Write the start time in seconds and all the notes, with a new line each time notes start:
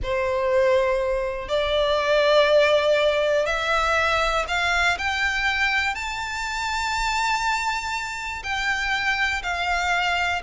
0.02 C5
1.48 D5
3.46 E5
4.48 F5
4.98 G5
5.94 A5
8.43 G5
9.42 F5